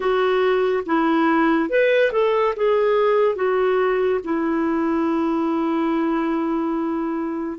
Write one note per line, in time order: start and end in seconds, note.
0.00 0.83 F#4
0.86 1.69 E4
1.69 2.11 B4
2.12 2.54 A4
2.55 3.35 G#4
3.35 4.20 F#4
4.24 7.58 E4